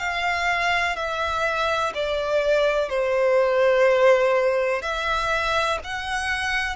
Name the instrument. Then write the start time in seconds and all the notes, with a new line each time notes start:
violin
0.00 F5
0.97 E5
1.95 D5
2.89 C5
4.83 E5
5.84 F#5